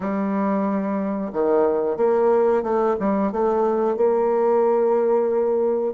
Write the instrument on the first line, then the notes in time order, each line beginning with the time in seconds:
bassoon
0.00 G3
1.32 D#3
1.96 A#3
2.63 A3
2.99 G3
3.31 A3
3.96 A#3